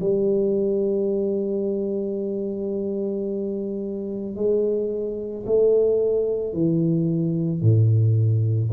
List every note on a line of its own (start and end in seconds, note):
0.00 4.35 G3
4.35 5.44 G#3
5.46 6.53 A3
6.53 7.61 E3
7.61 8.70 A2